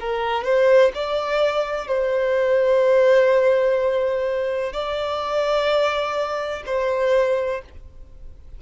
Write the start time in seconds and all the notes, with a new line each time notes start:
0.00 A#4
0.44 C5
0.94 D5
1.87 C5
4.72 D5
6.66 C5